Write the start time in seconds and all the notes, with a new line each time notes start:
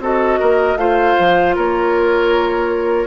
0.00 C4 F#4 A4 D#5
0.40 A#3 A#4
0.76 A3 F4 C5 F5
1.20 F3
1.56 A#3 A#4 C#5